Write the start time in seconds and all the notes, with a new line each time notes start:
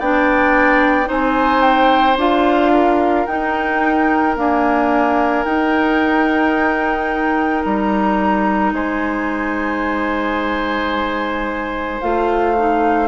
0.00 B3 D4 D5 G5
1.06 C4 D#4 C5 G#5
1.62 G5
2.17 D4 F4 F5
2.74 A#4
3.27 D#4 G5
4.37 A#3 D4 G#5
5.45 D#4 G5
7.64 G3 A#5
8.73 G#3 C5 G#5
12.02 A3 F4 F5
12.57 D#4